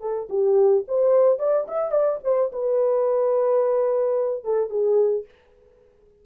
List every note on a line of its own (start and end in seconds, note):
0.00 0.28 A4
0.29 0.84 G4
0.88 1.39 C5
1.39 1.66 D5
1.68 1.91 E5
1.91 2.19 D5
2.24 2.51 C5
2.52 4.44 B4
4.44 4.70 A4
4.70 5.25 G#4